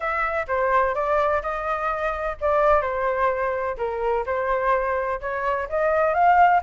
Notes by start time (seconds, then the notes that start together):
0.00 E5
0.47 C5
0.94 D5
1.42 D#5
2.40 D5
2.81 C5
3.77 A#4
4.26 C5
5.21 C#5
5.69 D#5
6.14 F5